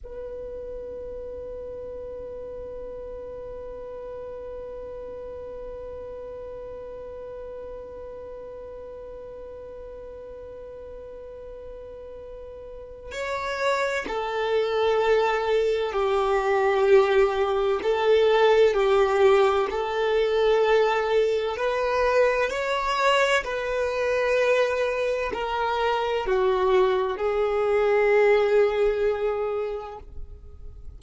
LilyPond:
\new Staff \with { instrumentName = "violin" } { \time 4/4 \tempo 4 = 64 b'1~ | b'1~ | b'1~ | b'2 cis''4 a'4~ |
a'4 g'2 a'4 | g'4 a'2 b'4 | cis''4 b'2 ais'4 | fis'4 gis'2. | }